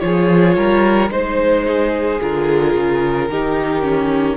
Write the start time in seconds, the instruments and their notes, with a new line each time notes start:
0.00 cello F3, viola F4, violin G#4 C#5
0.56 cello G3, violin A#4
1.10 cello G#3, viola D#4, violin C5
1.67 violin G#4
2.21 cello D3, viola F4, violin A#4
2.75 cello C#3
3.29 cello D#3, viola D#4, violin G4
3.82 viola C#4